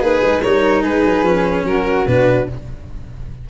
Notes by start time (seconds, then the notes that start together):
0.00 A#3 D#4 G#4 B4
0.24 G#3
0.42 G3 D#4 A#4 C#5
0.83 G#3 G#4 B4
1.04 F#3
1.23 F3 C#4
1.64 F#3 F#4 A#4
2.07 B2 D4 B4